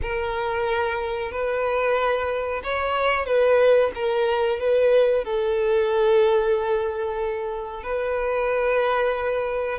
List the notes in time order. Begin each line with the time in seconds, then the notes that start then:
0.02 A#4
1.31 B4
2.63 C#5
3.25 B4
3.94 A#4
4.59 B4
5.24 A4
7.83 B4